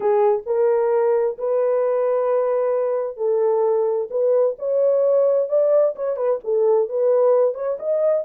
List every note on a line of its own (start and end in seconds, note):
0.00 0.42 G#4
0.46 1.37 A#4
1.37 3.16 B4
3.16 4.08 A4
4.10 4.56 B4
4.59 5.48 C#5
5.48 5.94 D5
5.95 6.16 C#5
6.16 6.39 B4
6.44 6.88 A4
6.88 7.54 B4
7.54 7.77 C#5
7.79 8.24 D#5